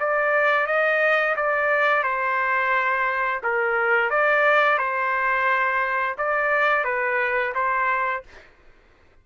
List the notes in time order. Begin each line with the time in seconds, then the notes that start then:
0.00 D5
0.67 D#5
1.36 D5
2.04 C5
3.43 A#4
4.10 D5
4.78 C5
6.18 D5
6.85 B4
7.55 C5